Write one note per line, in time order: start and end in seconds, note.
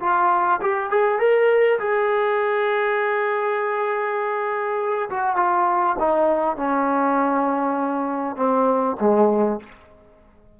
0.00 0.60 F4
0.61 0.90 G4
0.90 1.19 G#4
1.19 1.79 A#4
1.79 5.09 G#4
5.10 5.36 F#4
5.36 5.96 F4
5.99 6.56 D#4
6.56 8.36 C#4
8.36 8.96 C4
9.00 9.60 G#3